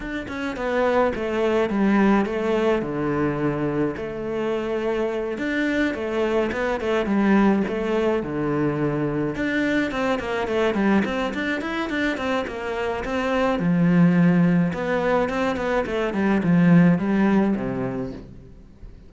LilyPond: \new Staff \with { instrumentName = "cello" } { \time 4/4 \tempo 4 = 106 d'8 cis'8 b4 a4 g4 | a4 d2 a4~ | a4. d'4 a4 b8 | a8 g4 a4 d4.~ |
d8 d'4 c'8 ais8 a8 g8 c'8 | d'8 e'8 d'8 c'8 ais4 c'4 | f2 b4 c'8 b8 | a8 g8 f4 g4 c4 | }